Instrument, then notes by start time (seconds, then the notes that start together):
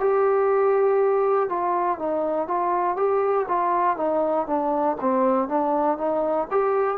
trombone
0.00 G4
1.49 F4
1.98 D#4
2.48 F4
2.96 G4
3.48 F4
3.96 D#4
4.47 D4
5.00 C4
5.48 D4
5.98 D#4
6.50 G4